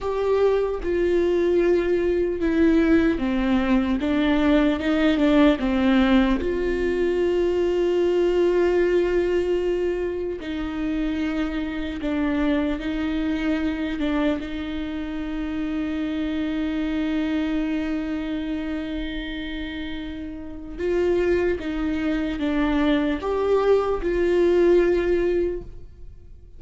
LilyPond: \new Staff \with { instrumentName = "viola" } { \time 4/4 \tempo 4 = 75 g'4 f'2 e'4 | c'4 d'4 dis'8 d'8 c'4 | f'1~ | f'4 dis'2 d'4 |
dis'4. d'8 dis'2~ | dis'1~ | dis'2 f'4 dis'4 | d'4 g'4 f'2 | }